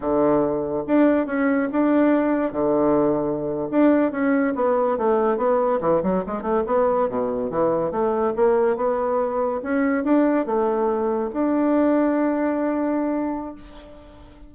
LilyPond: \new Staff \with { instrumentName = "bassoon" } { \time 4/4 \tempo 4 = 142 d2 d'4 cis'4 | d'2 d2~ | d8. d'4 cis'4 b4 a16~ | a8. b4 e8 fis8 gis8 a8 b16~ |
b8. b,4 e4 a4 ais16~ | ais8. b2 cis'4 d'16~ | d'8. a2 d'4~ d'16~ | d'1 | }